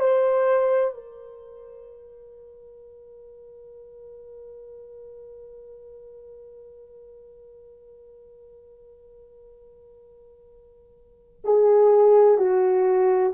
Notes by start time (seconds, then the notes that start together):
0.00 C5
0.95 A#4
11.45 G#4
12.38 F#4